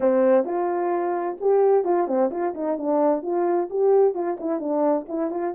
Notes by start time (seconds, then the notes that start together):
0.00 C4
0.44 F4
1.40 G4
1.84 F4
2.07 C4
2.31 F4
2.54 D#4
2.77 D4
3.22 F4
3.70 G4
4.14 F4
4.40 E4
4.59 D4
5.08 E4
5.31 F4